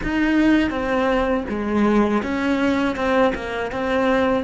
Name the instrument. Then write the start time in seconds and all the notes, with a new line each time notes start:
cello
0.03 D#4
0.69 C4
1.48 G#3
2.23 C#4
2.96 C4
3.35 A#3
3.71 C4